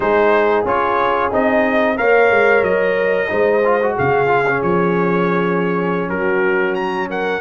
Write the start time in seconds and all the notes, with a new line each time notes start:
0.00 G#3 D#4 G#4 C5
0.65 C#4 F4 C#5
1.31 C4 D#4 D#5
1.96 A#3 A#4 C#5 F5
2.30 G#3
2.62 F#3 D#5
3.28 G#3 D#4 C5
3.64 F4
3.82 F#4
3.95 C#3 G#4 F5
4.27 F4
4.48 C#4
4.62 F3 C#5
6.09 F#3 F#4 A#4
6.74 A#5
7.09 A#4 F#5